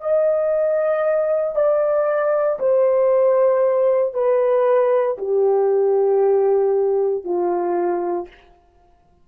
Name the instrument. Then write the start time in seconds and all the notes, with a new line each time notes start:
horn
0.00 D#5
1.55 D5
2.59 C5
4.14 B4
5.18 G4
7.24 F4